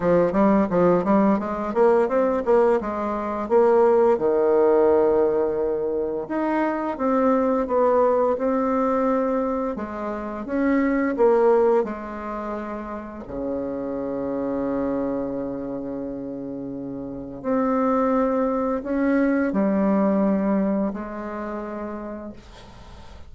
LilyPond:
\new Staff \with { instrumentName = "bassoon" } { \time 4/4 \tempo 4 = 86 f8 g8 f8 g8 gis8 ais8 c'8 ais8 | gis4 ais4 dis2~ | dis4 dis'4 c'4 b4 | c'2 gis4 cis'4 |
ais4 gis2 cis4~ | cis1~ | cis4 c'2 cis'4 | g2 gis2 | }